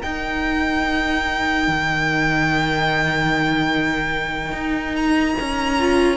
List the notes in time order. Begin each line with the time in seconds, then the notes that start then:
0.00 D#4 A#4 G5
1.67 D#3
4.52 D#4
4.96 A#5
5.39 C#4
5.78 F4